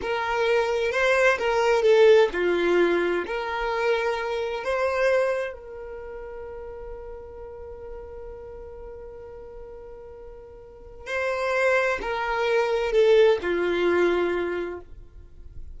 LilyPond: \new Staff \with { instrumentName = "violin" } { \time 4/4 \tempo 4 = 130 ais'2 c''4 ais'4 | a'4 f'2 ais'4~ | ais'2 c''2 | ais'1~ |
ais'1~ | ais'1 | c''2 ais'2 | a'4 f'2. | }